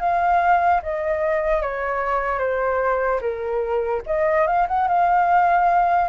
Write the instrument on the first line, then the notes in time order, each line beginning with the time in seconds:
flute
0.00 F5
0.83 D#5
1.62 C#5
2.39 C5
3.21 A#4
4.07 D#5
4.47 F5
4.68 F#5
4.88 F5